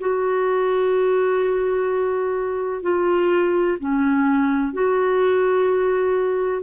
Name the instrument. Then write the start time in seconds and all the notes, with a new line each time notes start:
clarinet
0.00 F#4
2.82 F4
3.79 C#4
4.73 F#4